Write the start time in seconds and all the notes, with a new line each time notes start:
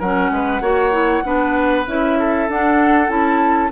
0.00 F#3 C#4 A#4 F#5
0.31 G#3 B4
0.61 A#3 F#4 C#5
0.93 E4
1.24 B3 D4 B4
1.87 C#4 E4 E5
2.19 A4
2.49 D4 F#5
3.09 C#4 E4 A5